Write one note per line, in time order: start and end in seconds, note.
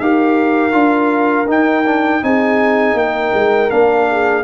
0.00 0.73 D#4
0.00 0.72 G4
0.00 2.25 A#4
0.00 1.48 F5
0.72 1.48 D4
0.72 1.46 F4
1.47 1.84 D#4
1.47 2.22 D#4
1.47 2.24 G5
1.85 2.21 D4
2.21 2.94 C4
2.21 3.70 D#4
2.21 2.99 G#4
2.21 2.98 G#5
2.94 3.31 A#3
2.94 4.10 A#4
2.94 3.70 G5
3.34 3.71 G#3
3.70 4.44 A#3
3.70 4.44 D4
3.70 4.44 F5
4.10 4.44 G#4